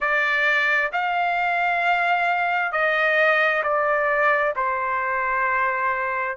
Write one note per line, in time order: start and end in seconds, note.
0.00 0.91 D5
0.92 2.71 F5
2.71 3.62 D#5
3.63 4.54 D5
4.55 6.37 C5